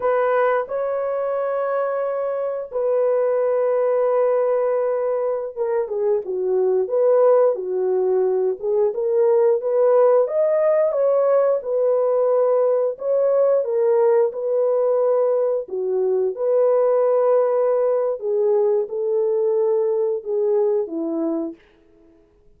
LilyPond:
\new Staff \with { instrumentName = "horn" } { \time 4/4 \tempo 4 = 89 b'4 cis''2. | b'1~ | b'16 ais'8 gis'8 fis'4 b'4 fis'8.~ | fis'8. gis'8 ais'4 b'4 dis''8.~ |
dis''16 cis''4 b'2 cis''8.~ | cis''16 ais'4 b'2 fis'8.~ | fis'16 b'2~ b'8. gis'4 | a'2 gis'4 e'4 | }